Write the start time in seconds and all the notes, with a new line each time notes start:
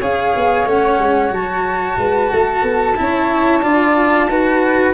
0.00 C#4 G#4 C#5 F5
0.36 B3
0.66 A3 C#4 F#5
0.99 G#3
1.30 F#3 F#4 A5
1.98 G#3 B4
2.32 A3 A4
2.63 B3
2.96 C#4 E4
3.03 C#5
3.63 D4 F4 D5
4.27 D#4 F#4 B4